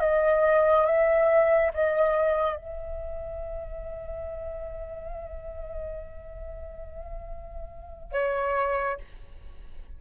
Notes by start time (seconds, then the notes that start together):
0.00 D#5
0.86 E5
1.74 D#5
2.56 E5
8.12 C#5